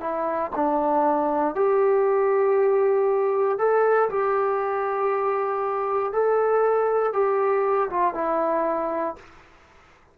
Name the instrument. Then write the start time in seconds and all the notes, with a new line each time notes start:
trombone
0.00 E4
0.55 D4
1.55 G4
3.58 A4
4.10 G4
6.12 A4
7.13 G4
7.90 F4
8.14 E4